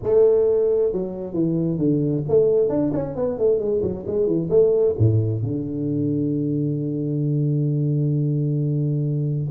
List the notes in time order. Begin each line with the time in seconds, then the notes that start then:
0.02 A3
0.92 F#3
1.33 E3
1.78 D3
2.28 A3
2.69 D4
2.93 C#4
3.15 B3
3.38 A3
3.59 G#3
3.82 F#3
4.07 G#3
4.26 E3
4.50 A3
4.98 A2
5.43 D3